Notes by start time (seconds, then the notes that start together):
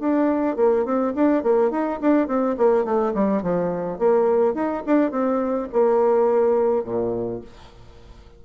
0.00 D4
0.57 A#3
0.85 C4
1.15 D4
1.43 A#3
1.71 D#4
2.01 D4
2.28 C4
2.58 A#3
2.85 A3
3.15 G3
3.42 F3
3.99 A#3
4.55 D#4
4.87 D4
5.11 C4
5.73 A#3
6.84 A#2